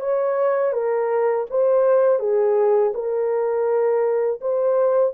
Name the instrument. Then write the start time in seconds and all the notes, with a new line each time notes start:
horn
0.00 C#5
0.73 A#4
1.50 C5
2.20 G#4
2.94 A#4
4.41 C5